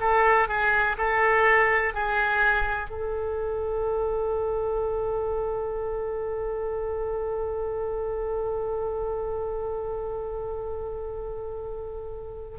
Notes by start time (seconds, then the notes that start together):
0.00 A4
0.48 G#4
0.98 A4
1.94 G#4
2.90 A4